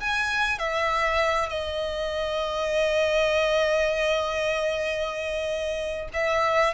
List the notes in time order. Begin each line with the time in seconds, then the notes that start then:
0.00 G#5
0.58 E5
1.49 D#5
6.13 E5